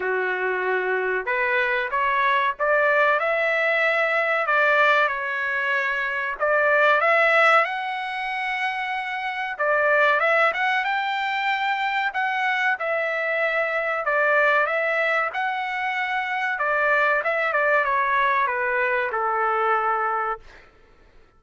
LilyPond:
\new Staff \with { instrumentName = "trumpet" } { \time 4/4 \tempo 4 = 94 fis'2 b'4 cis''4 | d''4 e''2 d''4 | cis''2 d''4 e''4 | fis''2. d''4 |
e''8 fis''8 g''2 fis''4 | e''2 d''4 e''4 | fis''2 d''4 e''8 d''8 | cis''4 b'4 a'2 | }